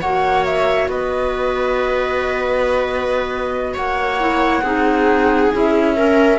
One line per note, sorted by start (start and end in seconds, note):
0.00 0.88 A#3
0.00 4.20 F#4
0.00 0.89 C#5
0.00 0.44 F#5
0.44 0.89 E5
0.88 3.74 B3
0.88 3.73 B4
0.88 3.76 D#5
3.73 4.62 A#3
3.73 4.62 C#5
3.73 5.52 F#5
4.20 4.64 E4
4.62 5.50 C4
4.62 5.52 D#4
4.62 5.95 G#4
5.53 6.39 C#4
5.53 5.96 E4
5.53 6.39 E5
5.96 6.39 C#4
5.96 6.39 A#4